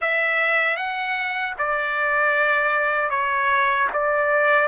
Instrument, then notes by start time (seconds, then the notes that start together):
trumpet
0.01 E5
0.76 F#5
1.58 D5
3.10 C#5
3.93 D5